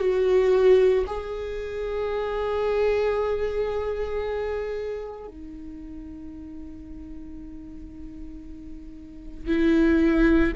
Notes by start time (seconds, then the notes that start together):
0.00 F#4
1.07 G#4
5.27 D#4
9.47 E4